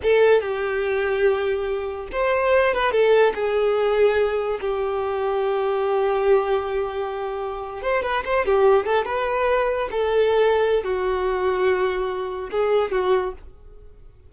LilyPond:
\new Staff \with { instrumentName = "violin" } { \time 4/4 \tempo 4 = 144 a'4 g'2.~ | g'4 c''4. b'8 a'4 | gis'2. g'4~ | g'1~ |
g'2~ g'8. c''8 b'8 c''16~ | c''16 g'4 a'8 b'2 a'16~ | a'2 fis'2~ | fis'2 gis'4 fis'4 | }